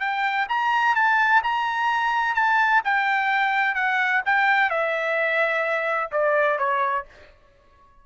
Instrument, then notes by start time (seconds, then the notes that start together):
trumpet
0.00 G5
0.49 A#5
0.95 A5
1.43 A#5
2.35 A5
2.84 G5
3.75 F#5
4.26 G5
4.70 E5
6.12 D5
6.59 C#5